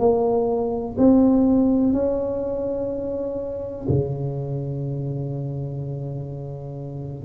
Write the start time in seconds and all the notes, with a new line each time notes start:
0.00 A#3
0.98 C4
1.94 C#4
3.89 C#3